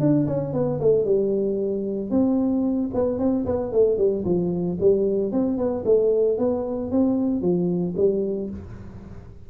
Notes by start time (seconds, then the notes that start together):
0.00 D4
0.27 C#4
0.53 B3
0.80 A3
1.05 G3
2.11 C4
2.94 B3
3.19 C4
3.45 B3
3.72 A3
3.98 G3
4.25 F3
4.80 G3
5.32 C4
5.58 B3
5.85 A3
6.38 B3
6.91 C4
7.42 F3
7.97 G3